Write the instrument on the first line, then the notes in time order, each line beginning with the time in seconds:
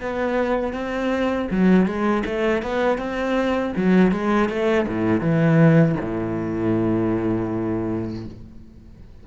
cello
0.00 B3
0.73 C4
1.50 F#3
1.85 G#3
2.25 A3
2.62 B3
2.98 C4
3.76 F#3
4.11 G#3
4.49 A3
4.87 A2
5.20 E3
6.00 A2